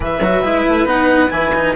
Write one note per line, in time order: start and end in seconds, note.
0.00 0.20 E3
0.00 0.19 G#4
0.00 1.74 B4
0.00 0.87 E5
0.20 0.42 F#3
0.20 0.43 F#4
0.43 0.65 G#3
0.43 0.85 E4
0.68 0.84 A3
0.84 1.28 B3
0.84 1.29 D#4
0.84 1.30 F#5
1.30 1.74 E3
1.30 1.51 E4
1.30 1.74 G#5
1.54 1.75 D#4